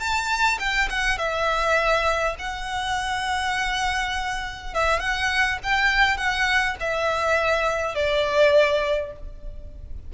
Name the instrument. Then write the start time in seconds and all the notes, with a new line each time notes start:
violin
0.00 A5
0.59 G5
0.90 F#5
1.18 E5
2.39 F#5
4.74 E5
5.00 F#5
5.64 G5
6.17 F#5
6.80 E5
7.95 D5